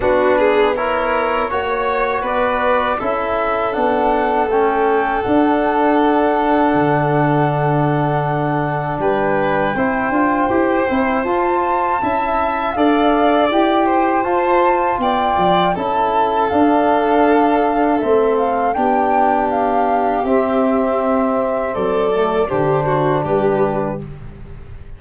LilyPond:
<<
  \new Staff \with { instrumentName = "flute" } { \time 4/4 \tempo 4 = 80 b'4 cis''2 d''4 | e''4 fis''4 g''4 fis''4~ | fis''1 | g''2. a''4~ |
a''4 f''4 g''4 a''4 | g''4 a''4 f''2 | e''8 f''8 g''4 f''4 e''4~ | e''4 d''4 c''4 b'4 | }
  \new Staff \with { instrumentName = "violin" } { \time 4/4 fis'8 gis'8 ais'4 cis''4 b'4 | a'1~ | a'1 | b'4 c''2. |
e''4 d''4. c''4. | d''4 a'2.~ | a'4 g'2.~ | g'4 a'4 g'8 fis'8 g'4 | }
  \new Staff \with { instrumentName = "trombone" } { \time 4/4 d'4 e'4 fis'2 | e'4 d'4 cis'4 d'4~ | d'1~ | d'4 e'8 f'8 g'8 e'8 f'4 |
e'4 a'4 g'4 f'4~ | f'4 e'4 d'2 | c'4 d'2 c'4~ | c'4. a8 d'2 | }
  \new Staff \with { instrumentName = "tuba" } { \time 4/4 b2 ais4 b4 | cis'4 b4 a4 d'4~ | d'4 d2. | g4 c'8 d'8 e'8 c'8 f'4 |
cis'4 d'4 e'4 f'4 | b8 f8 cis'4 d'2 | a4 b2 c'4~ | c'4 fis4 d4 g4 | }
>>